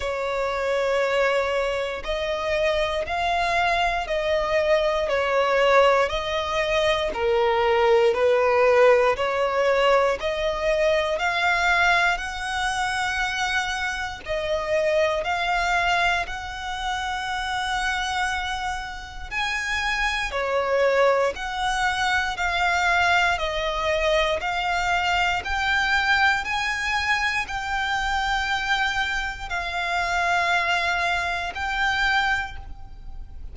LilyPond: \new Staff \with { instrumentName = "violin" } { \time 4/4 \tempo 4 = 59 cis''2 dis''4 f''4 | dis''4 cis''4 dis''4 ais'4 | b'4 cis''4 dis''4 f''4 | fis''2 dis''4 f''4 |
fis''2. gis''4 | cis''4 fis''4 f''4 dis''4 | f''4 g''4 gis''4 g''4~ | g''4 f''2 g''4 | }